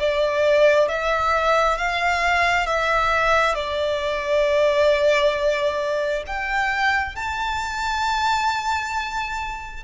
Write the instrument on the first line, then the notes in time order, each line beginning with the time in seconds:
violin
0.00 D5
0.89 E5
1.78 F5
2.67 E5
3.55 D5
6.27 G5
7.16 A5